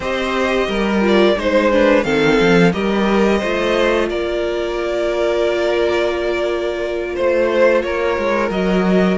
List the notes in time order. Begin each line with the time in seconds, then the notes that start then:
0.00 C4 G4 C5 D#5
0.67 G3 A#4
1.01 F4 D5
1.36 G#3 D#4 C5
1.71 D4 B4
2.03 D#3 C4 A4 F5
2.40 F3
2.72 G3 G4 A#4 D#5
3.38 A3 F4 C5
4.09 A#3 A#4 D5
7.14 A3 C5
7.82 A#3 A#4 C#5
8.17 G#3
8.50 F#3 F#4 D#5